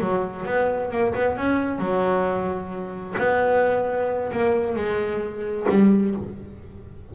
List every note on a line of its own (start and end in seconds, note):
0.00 0.45 F#3
0.45 0.91 B3
0.91 1.14 A#3
1.14 1.37 B3
1.37 1.79 C#4
1.79 3.15 F#3
3.17 4.31 B3
4.31 4.76 A#3
4.76 5.67 G#3
5.69 6.14 G3